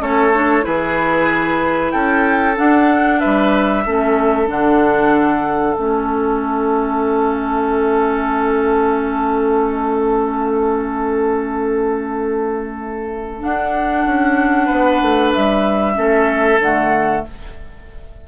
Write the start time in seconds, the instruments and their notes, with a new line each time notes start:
0.00 bassoon A3, clarinet C#4, oboe A4, flute C#5
0.34 clarinet D4
0.63 bassoon E3, clarinet E4, oboe G#4, flute B4
1.92 bassoon C#4, oboe A4, flute G5
2.56 clarinet D4, bassoon D4, flute F#5
3.20 bassoon G3, oboe B4, flute E5
3.86 bassoon A3, clarinet C#4, oboe A4
4.46 bassoon D3, clarinet D4, flute F#5
5.74 bassoon A3, clarinet C#4, flute E5
13.40 clarinet D4, bassoon D4, flute F#5
14.06 bassoon C#4
14.65 bassoon B3, oboe B4
15.02 bassoon A3
15.33 bassoon G3, flute E5
15.94 bassoon A3, clarinet C#4, oboe A4
16.59 bassoon D3, clarinet A3, flute F#5